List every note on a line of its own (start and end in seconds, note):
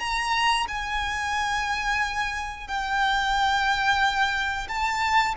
0.00 0.67 A#5
0.68 2.68 G#5
2.68 4.68 G5
4.69 5.35 A5